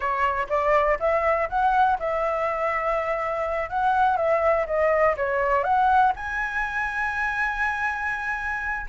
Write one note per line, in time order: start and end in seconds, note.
0.00 0.47 C#5
0.49 0.98 D5
0.99 1.48 E5
1.49 1.98 F#5
1.99 3.69 E5
3.69 4.17 F#5
4.17 4.66 E5
4.66 5.15 D#5
5.16 5.63 C#5
5.63 6.12 F#5
6.16 8.86 G#5